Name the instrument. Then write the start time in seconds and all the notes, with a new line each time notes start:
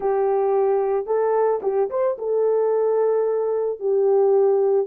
horn
0.00 G4
1.06 A4
1.62 G4
1.90 C5
2.18 A4
3.79 G4